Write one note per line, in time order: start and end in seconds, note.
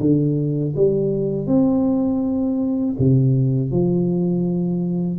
0.00 0.74 D3
0.76 1.47 G3
1.47 2.95 C4
2.99 3.71 C3
3.71 5.19 F3